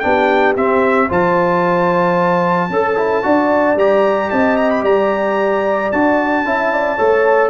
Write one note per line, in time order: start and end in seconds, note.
0.00 0.56 B3
0.00 0.56 D4
0.00 1.09 G4
0.00 0.54 G5
0.56 1.09 C4
0.56 1.10 E5
1.09 2.70 F3
1.09 2.70 F4
1.09 2.70 C5
1.09 3.79 A5
2.70 3.23 C#4
2.70 2.97 A4
2.70 3.26 A4
2.97 3.23 E4
3.23 3.76 D4
3.23 3.77 F#4
3.23 4.31 D5
3.76 4.29 G3
3.76 5.94 G4
3.76 4.31 A#5
4.31 4.83 C4
4.31 4.83 D#5
4.31 4.57 A5
4.57 4.70 A#5
4.70 4.84 B5
4.83 5.91 G3
4.83 6.44 D5
4.83 5.92 A#5
5.92 6.45 D4
5.92 6.46 F#4
5.92 7.50 A5
6.45 6.99 C#4
6.45 6.98 E4
6.45 6.74 E5
6.74 6.97 D5
6.97 7.50 A3
6.97 7.50 A4
6.97 7.50 C#5